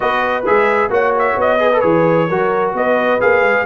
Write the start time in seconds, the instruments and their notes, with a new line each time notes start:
0.00 tuba B3, trombone F#4, horn B4, trumpet D#5
0.46 tuba G#3, trombone G#4, trumpet E5
0.89 tuba A#3, trombone F#4, horn C#5, trumpet F#5
1.18 trumpet E5
1.36 tuba B3, trumpet D#5
1.59 trombone G#4, horn B4
1.73 trombone A4
1.80 tuba E3, trombone G#4, trumpet C#5
2.28 tuba F#3, trombone F#4, horn A#4
2.73 tuba B3, horn B4, trumpet D#5
3.19 tuba A#3, trombone G#4, trumpet F5
3.41 tuba G#3